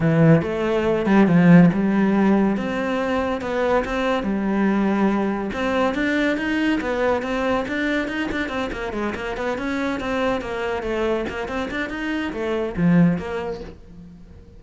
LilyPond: \new Staff \with { instrumentName = "cello" } { \time 4/4 \tempo 4 = 141 e4 a4. g8 f4 | g2 c'2 | b4 c'4 g2~ | g4 c'4 d'4 dis'4 |
b4 c'4 d'4 dis'8 d'8 | c'8 ais8 gis8 ais8 b8 cis'4 c'8~ | c'8 ais4 a4 ais8 c'8 d'8 | dis'4 a4 f4 ais4 | }